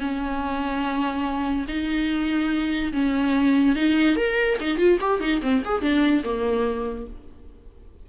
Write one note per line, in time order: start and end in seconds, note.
0.00 1.66 C#4
1.68 2.92 D#4
2.93 3.76 C#4
3.76 4.16 D#4
4.16 4.57 A#4
4.60 4.77 D#4
4.77 4.98 F4
5.01 5.20 G4
5.20 5.41 D#4
5.42 5.63 C4
5.65 5.81 G#4
5.81 6.23 D4
6.24 7.06 A#3